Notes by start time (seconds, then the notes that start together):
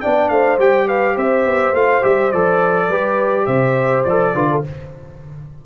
0.00 B3 D4 D5 G5
0.28 A3 C5 F5
0.58 G3 G4 G5
0.87 B4 F5
1.16 C4 C5 E5
1.45 B3
1.72 A3 F4 F5
2.02 G3 G4 E5
2.32 F3 A4 D5
2.88 G3 G4 B4
3.45 C3 C5 E5
4.04 F3 A4 D5
4.34 D3 F4 B4
4.51 A4